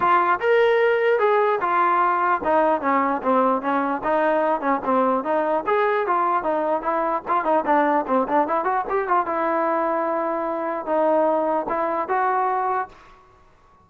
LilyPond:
\new Staff \with { instrumentName = "trombone" } { \time 4/4 \tempo 4 = 149 f'4 ais'2 gis'4 | f'2 dis'4 cis'4 | c'4 cis'4 dis'4. cis'8 | c'4 dis'4 gis'4 f'4 |
dis'4 e'4 f'8 dis'8 d'4 | c'8 d'8 e'8 fis'8 g'8 f'8 e'4~ | e'2. dis'4~ | dis'4 e'4 fis'2 | }